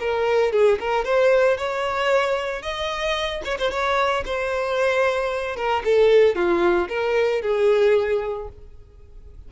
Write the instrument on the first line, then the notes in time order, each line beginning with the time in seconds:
violin
0.00 A#4
0.52 G#4
0.80 A#4
1.05 C5
1.58 C#5
2.62 D#5
3.45 C#5
3.59 C5
3.71 C#5
4.25 C5
5.56 A#4
5.85 A4
6.35 F4
6.89 A#4
7.42 G#4